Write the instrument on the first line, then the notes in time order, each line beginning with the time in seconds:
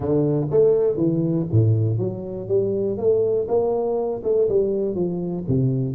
tuba
0.00 D3
0.50 A3
0.97 E3
1.51 A2
1.98 F#3
2.47 G3
2.97 A3
3.48 A#3
4.23 A3
4.49 G3
4.95 F3
5.48 C3